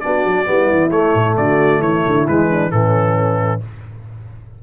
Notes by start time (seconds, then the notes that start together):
0.00 B3 D4 F#4 D5
0.25 F#3
0.45 G3 B3 E4
0.71 E3
0.91 A3 C#5
1.14 A2
1.37 D3 F#4 D5
1.80 E3 E4 C#5
2.07 D3
2.28 E3 G#3 B4
2.50 D4
2.71 A2 E3 C#4 A4